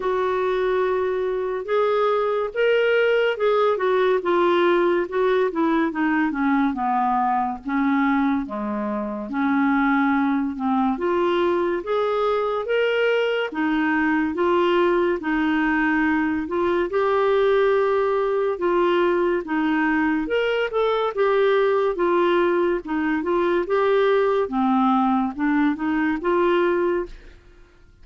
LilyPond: \new Staff \with { instrumentName = "clarinet" } { \time 4/4 \tempo 4 = 71 fis'2 gis'4 ais'4 | gis'8 fis'8 f'4 fis'8 e'8 dis'8 cis'8 | b4 cis'4 gis4 cis'4~ | cis'8 c'8 f'4 gis'4 ais'4 |
dis'4 f'4 dis'4. f'8 | g'2 f'4 dis'4 | ais'8 a'8 g'4 f'4 dis'8 f'8 | g'4 c'4 d'8 dis'8 f'4 | }